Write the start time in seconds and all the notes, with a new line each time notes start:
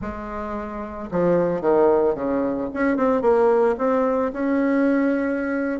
0.01 G#3
1.11 F3
1.61 D#3
2.14 C#3
2.73 C#4
2.97 C4
3.21 A#3
3.77 C4
4.32 C#4